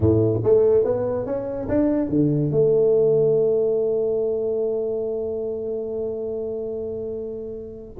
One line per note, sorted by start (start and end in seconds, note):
0.00 0.41 A2
0.43 0.84 A3
0.84 1.26 B3
1.26 1.68 C#4
1.68 2.09 D4
2.09 2.51 D3
2.51 7.96 A3